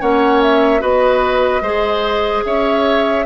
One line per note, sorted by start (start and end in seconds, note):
0.00 0.82 A#3
0.00 0.80 C#4
0.00 0.82 C#5
0.00 0.42 F#5
0.42 0.82 E5
0.80 1.61 B3
0.80 1.61 F#4
0.80 1.63 B4
0.80 2.45 D#5
1.61 2.43 G#3
1.61 3.26 G#4
1.61 2.44 C5
2.45 3.26 C#4
2.45 3.26 C#5
2.45 3.26 E5